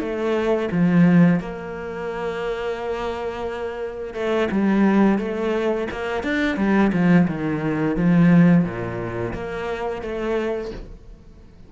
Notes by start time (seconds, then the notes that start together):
0.00 A3
0.71 F3
1.40 A#3
4.14 A3
4.51 G3
5.19 A3
5.91 A#3
6.23 D4
6.57 G3
6.93 F3
7.28 D#3
7.97 F3
8.65 A#2
9.34 A#3
10.03 A3